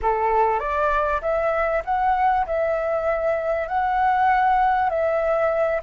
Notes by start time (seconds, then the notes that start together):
0.02 A4
0.59 D5
1.21 E5
1.85 F#5
2.46 E5
3.67 F#5
4.89 E5